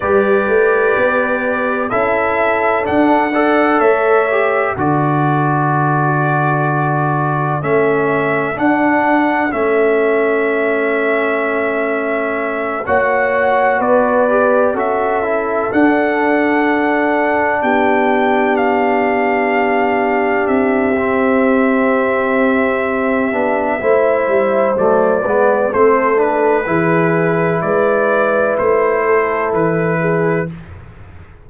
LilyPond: <<
  \new Staff \with { instrumentName = "trumpet" } { \time 4/4 \tempo 4 = 63 d''2 e''4 fis''4 | e''4 d''2. | e''4 fis''4 e''2~ | e''4. fis''4 d''4 e''8~ |
e''8 fis''2 g''4 f''8~ | f''4. e''2~ e''8~ | e''2 d''4 c''8 b'8~ | b'4 d''4 c''4 b'4 | }
  \new Staff \with { instrumentName = "horn" } { \time 4/4 b'2 a'4. d''8 | cis''4 a'2.~ | a'1~ | a'4. cis''4 b'4 a'8~ |
a'2~ a'8 g'4.~ | g'1~ | g'4 c''4. b'8 a'4 | gis'4 b'4. a'4 gis'8 | }
  \new Staff \with { instrumentName = "trombone" } { \time 4/4 g'2 e'4 d'8 a'8~ | a'8 g'8 fis'2. | cis'4 d'4 cis'2~ | cis'4. fis'4. g'8 fis'8 |
e'8 d'2.~ d'8~ | d'2 c'2~ | c'8 d'8 e'4 a8 b8 c'8 d'8 | e'1 | }
  \new Staff \with { instrumentName = "tuba" } { \time 4/4 g8 a8 b4 cis'4 d'4 | a4 d2. | a4 d'4 a2~ | a4. ais4 b4 cis'8~ |
cis'8 d'2 b4.~ | b4. c'2~ c'8~ | c'8 b8 a8 g8 fis8 gis8 a4 | e4 gis4 a4 e4 | }
>>